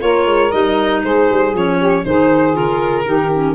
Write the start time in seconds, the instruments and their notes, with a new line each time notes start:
0.00 tuba A#3, clarinet F4, saxophone A#4, violin C#5
0.26 tuba G#3
0.51 tuba G3, clarinet D#4, violin D#5
1.02 tuba G#3, saxophone G#4, violin C5
1.31 tuba G3
1.54 tuba F3, clarinet C#4, violin C#5
1.77 saxophone G4
2.05 tuba D#3, clarinet D#4, saxophone G#4, violin C5
2.53 tuba C#3, clarinet F4, violin A#4
3.05 tuba D#3, clarinet D#4, saxophone G4
3.34 clarinet C#4